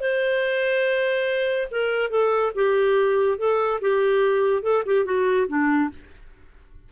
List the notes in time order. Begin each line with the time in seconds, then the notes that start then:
0.00 C5
1.71 A#4
2.10 A4
2.54 G4
3.38 A4
3.81 G4
4.62 A4
4.85 G4
5.05 F#4
5.48 D4